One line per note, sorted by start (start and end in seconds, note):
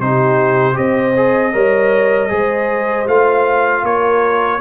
0.00 0.77 C3
0.00 0.74 D#4
0.00 0.77 G4
0.00 0.77 C5
0.74 1.54 C4
0.74 1.12 G4
0.74 1.53 C5
0.74 3.08 D#5
1.17 1.53 G#4
1.53 2.31 G3
1.53 2.29 A#4
1.53 2.30 C#5
2.29 3.07 G#3
2.29 3.06 G#4
2.29 3.84 C5
3.07 3.83 A3
3.07 4.60 F4
3.07 3.85 F5
3.83 4.60 A#3
3.83 4.61 A#4
3.83 4.61 C#5